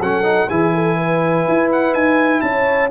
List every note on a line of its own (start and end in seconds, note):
0.00 0.48 F#3
0.00 0.23 C#4
0.00 0.49 A4
0.00 0.49 F#5
0.23 0.47 D#4
0.49 1.47 E3
0.49 2.90 E4
0.49 0.74 G#4
0.49 1.70 G#5
0.74 0.97 A4
0.97 2.42 B4
1.48 1.93 E4
1.71 1.94 F#5
1.93 2.41 D#4
1.93 2.41 G#5
2.41 2.90 C#4
2.41 2.90 C#5
2.41 2.89 A5